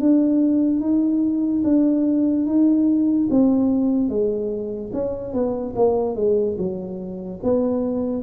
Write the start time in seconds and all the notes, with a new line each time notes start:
0.00 D4
0.80 D#4
1.64 D4
2.46 D#4
3.31 C4
4.09 G#3
4.93 C#4
5.33 B3
5.76 A#3
6.16 G#3
6.58 F#3
7.43 B3